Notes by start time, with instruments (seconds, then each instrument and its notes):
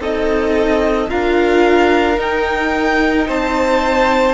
0.00 cello C4, viola D#4, violin A4 D#5
1.09 cello D4, viola F4, violin A#4 F5
2.17 viola D#4, cello D#4, violin G5
3.27 cello C4, violin C5 A5